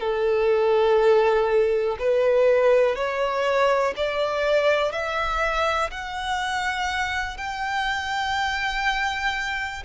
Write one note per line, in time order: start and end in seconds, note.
0.00 1.97 A4
1.99 2.96 B4
2.96 3.94 C#5
3.96 4.92 D5
4.92 5.90 E5
5.91 7.37 F#5
7.37 9.83 G5